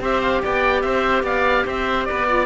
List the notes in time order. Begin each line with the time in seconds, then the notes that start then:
0.00 C4 G4 C5 E5
0.21 F5
0.42 B3 D5 G5
0.81 C4 C5 E5
1.23 B3 D5 F5
1.66 C4 C5 E5
2.05 B4 D5
2.11 B3
2.27 F4 D5